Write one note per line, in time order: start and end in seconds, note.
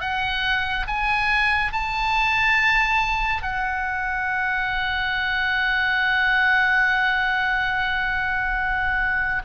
0.00 0.86 F#5
0.86 1.72 G#5
1.72 3.42 A5
3.42 9.42 F#5